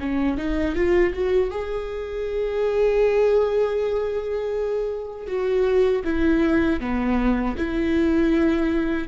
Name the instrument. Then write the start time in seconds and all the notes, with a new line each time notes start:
viola
0.00 C#4
0.38 D#4
0.76 F4
1.14 F#4
1.51 G#4
5.28 F#4
6.04 E4
6.80 B3
7.57 E4